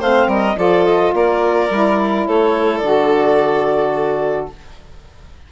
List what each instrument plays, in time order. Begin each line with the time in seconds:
0.00 bassoon A3, saxophone C4, violin C5, clarinet F5
0.28 bassoon G3, violin A#4, clarinet D#5
0.57 bassoon F3, saxophone F4, violin A4, clarinet D5
0.85 clarinet D#5
1.14 bassoon A#3, violin A#4, clarinet D5
1.70 bassoon G3, saxophone E4
2.28 bassoon A3, violin A4, clarinet C#5
2.78 bassoon D3, saxophone F#4, clarinet D5